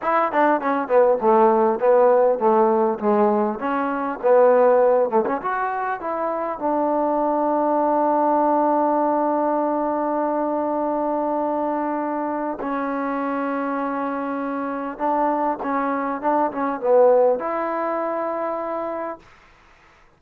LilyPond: \new Staff \with { instrumentName = "trombone" } { \time 4/4 \tempo 4 = 100 e'8 d'8 cis'8 b8 a4 b4 | a4 gis4 cis'4 b4~ | b8 a16 cis'16 fis'4 e'4 d'4~ | d'1~ |
d'1~ | d'4 cis'2.~ | cis'4 d'4 cis'4 d'8 cis'8 | b4 e'2. | }